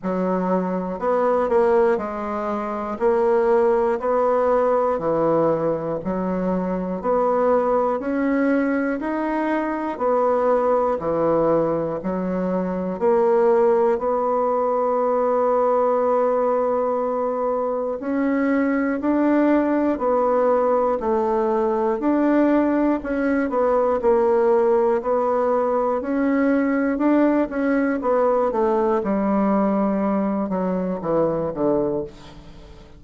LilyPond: \new Staff \with { instrumentName = "bassoon" } { \time 4/4 \tempo 4 = 60 fis4 b8 ais8 gis4 ais4 | b4 e4 fis4 b4 | cis'4 dis'4 b4 e4 | fis4 ais4 b2~ |
b2 cis'4 d'4 | b4 a4 d'4 cis'8 b8 | ais4 b4 cis'4 d'8 cis'8 | b8 a8 g4. fis8 e8 d8 | }